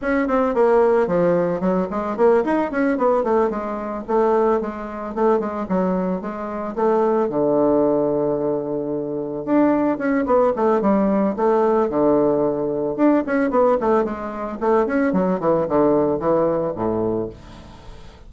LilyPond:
\new Staff \with { instrumentName = "bassoon" } { \time 4/4 \tempo 4 = 111 cis'8 c'8 ais4 f4 fis8 gis8 | ais8 dis'8 cis'8 b8 a8 gis4 a8~ | a8 gis4 a8 gis8 fis4 gis8~ | gis8 a4 d2~ d8~ |
d4. d'4 cis'8 b8 a8 | g4 a4 d2 | d'8 cis'8 b8 a8 gis4 a8 cis'8 | fis8 e8 d4 e4 a,4 | }